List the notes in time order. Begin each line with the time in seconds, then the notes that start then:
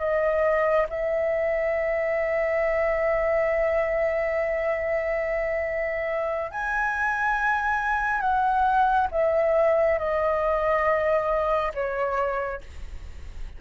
0.00 D#5
0.90 E5
6.52 G#5
8.21 F#5
9.12 E5
9.99 D#5
11.75 C#5